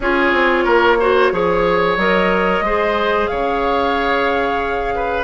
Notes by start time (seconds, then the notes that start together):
0.00 C#4 F4 G#4 C#5
0.32 C4
0.64 A#3 A#4
0.99 F#4 C5
1.32 F3 G#4 C#5
1.97 F#3 A#4 D#5
2.60 G#3 G#4 C5
3.27 C#3 C#5 F5
4.95 B4